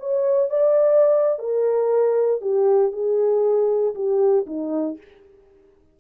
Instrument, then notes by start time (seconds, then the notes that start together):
horn
0.00 C#5
0.50 D5
1.39 A#4
2.41 G4
2.93 G#4
3.95 G4
4.47 D#4